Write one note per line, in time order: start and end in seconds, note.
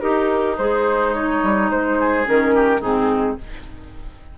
0.00 1.98 D#4
0.00 0.59 D#4
0.00 0.57 G4
0.00 0.56 A#4
0.58 1.43 G#3
0.58 1.15 G#4
0.58 1.14 C5
1.14 2.25 D#4
1.14 1.70 C#5
1.43 1.70 G3
1.70 2.26 G#3
1.70 2.27 C5
1.99 2.55 G#4
2.25 2.81 D#3
2.25 2.81 C#4
2.25 2.82 A#4
2.55 2.80 G4
2.80 3.37 G#2
2.80 3.38 C4
2.80 3.36 D#4
2.80 3.38 G#4